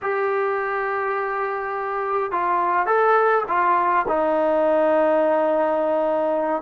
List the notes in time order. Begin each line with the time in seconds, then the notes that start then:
0.02 G4
2.31 F4
2.86 A4
3.47 F4
4.08 D#4